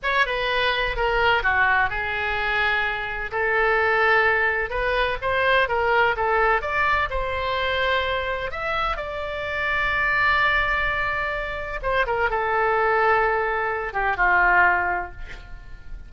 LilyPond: \new Staff \with { instrumentName = "oboe" } { \time 4/4 \tempo 4 = 127 cis''8 b'4. ais'4 fis'4 | gis'2. a'4~ | a'2 b'4 c''4 | ais'4 a'4 d''4 c''4~ |
c''2 e''4 d''4~ | d''1~ | d''4 c''8 ais'8 a'2~ | a'4. g'8 f'2 | }